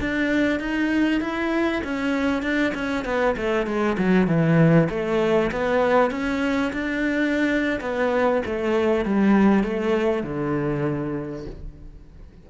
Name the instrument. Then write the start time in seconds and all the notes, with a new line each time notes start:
cello
0.00 D4
0.60 D#4
1.21 E4
1.84 C#4
2.42 D4
2.74 C#4
3.05 B3
3.37 A3
3.66 G#3
3.98 F#3
4.27 E3
4.90 A3
5.52 B3
6.11 C#4
6.73 D4
7.81 B3
8.46 A3
9.05 G3
9.64 A3
10.24 D3